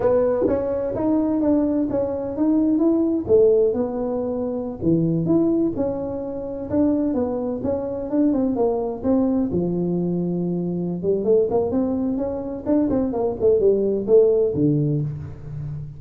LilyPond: \new Staff \with { instrumentName = "tuba" } { \time 4/4 \tempo 4 = 128 b4 cis'4 dis'4 d'4 | cis'4 dis'4 e'4 a4 | b2~ b16 e4 e'8.~ | e'16 cis'2 d'4 b8.~ |
b16 cis'4 d'8 c'8 ais4 c'8.~ | c'16 f2.~ f16 g8 | a8 ais8 c'4 cis'4 d'8 c'8 | ais8 a8 g4 a4 d4 | }